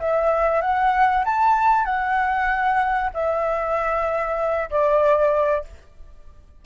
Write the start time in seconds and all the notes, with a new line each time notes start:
0.00 E5
0.62 F#5
1.25 A5
1.86 F#5
3.14 E5
4.70 D5